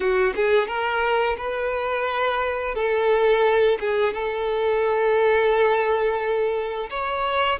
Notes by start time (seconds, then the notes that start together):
0.00 F#4
0.35 G#4
0.67 A#4
1.37 B4
2.75 A4
3.80 G#4
4.13 A4
6.90 C#5